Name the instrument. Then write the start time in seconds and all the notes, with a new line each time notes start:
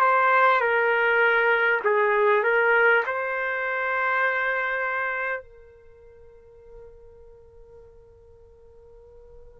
trumpet
0.00 C5
0.60 A#4
1.84 G#4
2.43 A#4
3.06 C5
5.42 A#4